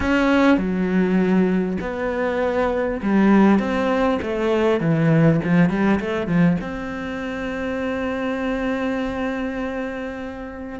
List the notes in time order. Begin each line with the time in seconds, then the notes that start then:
0.00 C#4
0.57 F#3
1.80 B3
3.02 G3
3.59 C4
4.22 A3
4.80 E3
5.44 F3
5.69 G3
6.00 A3
6.27 F3
6.60 C4